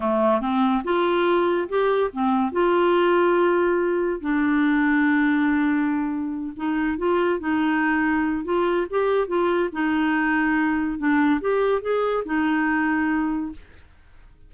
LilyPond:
\new Staff \with { instrumentName = "clarinet" } { \time 4/4 \tempo 4 = 142 a4 c'4 f'2 | g'4 c'4 f'2~ | f'2 d'2~ | d'2.~ d'8 dis'8~ |
dis'8 f'4 dis'2~ dis'8 | f'4 g'4 f'4 dis'4~ | dis'2 d'4 g'4 | gis'4 dis'2. | }